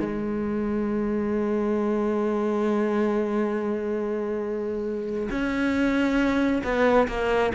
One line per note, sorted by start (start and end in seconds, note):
0.00 5.29 G#3
5.31 6.63 C#4
6.64 7.08 B3
7.08 7.52 A#3